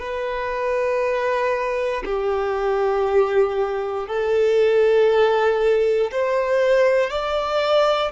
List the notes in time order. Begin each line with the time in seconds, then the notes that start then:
0.00 B4
2.05 G4
4.07 A4
6.11 C5
7.10 D5